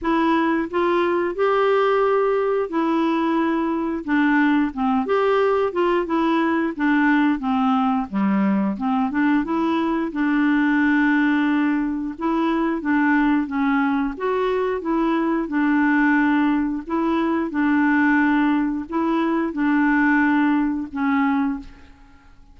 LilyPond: \new Staff \with { instrumentName = "clarinet" } { \time 4/4 \tempo 4 = 89 e'4 f'4 g'2 | e'2 d'4 c'8 g'8~ | g'8 f'8 e'4 d'4 c'4 | g4 c'8 d'8 e'4 d'4~ |
d'2 e'4 d'4 | cis'4 fis'4 e'4 d'4~ | d'4 e'4 d'2 | e'4 d'2 cis'4 | }